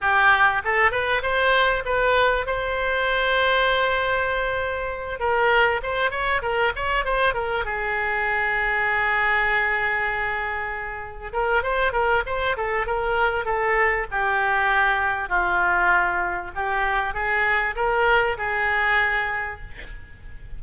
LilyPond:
\new Staff \with { instrumentName = "oboe" } { \time 4/4 \tempo 4 = 98 g'4 a'8 b'8 c''4 b'4 | c''1~ | c''8 ais'4 c''8 cis''8 ais'8 cis''8 c''8 | ais'8 gis'2.~ gis'8~ |
gis'2~ gis'8 ais'8 c''8 ais'8 | c''8 a'8 ais'4 a'4 g'4~ | g'4 f'2 g'4 | gis'4 ais'4 gis'2 | }